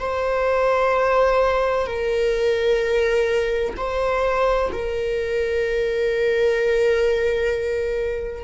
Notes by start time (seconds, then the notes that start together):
0.00 C5
1.87 A#4
3.77 C5
4.72 A#4